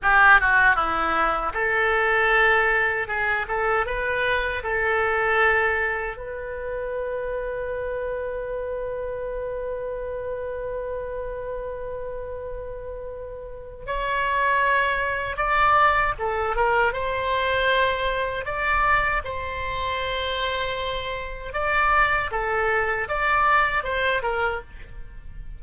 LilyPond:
\new Staff \with { instrumentName = "oboe" } { \time 4/4 \tempo 4 = 78 g'8 fis'8 e'4 a'2 | gis'8 a'8 b'4 a'2 | b'1~ | b'1~ |
b'2 cis''2 | d''4 a'8 ais'8 c''2 | d''4 c''2. | d''4 a'4 d''4 c''8 ais'8 | }